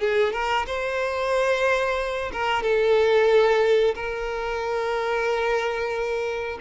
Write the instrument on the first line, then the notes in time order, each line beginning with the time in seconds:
violin
0.00 G#4
0.33 A#4
0.67 C5
2.33 A#4
2.63 A4
3.95 A#4